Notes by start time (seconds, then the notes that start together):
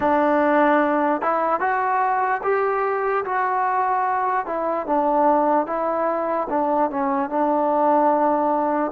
0.00 D4
1.21 E4
1.60 F#4
2.43 G4
3.24 F#4
4.46 E4
4.86 D4
5.66 E4
6.49 D4
6.90 C#4
7.29 D4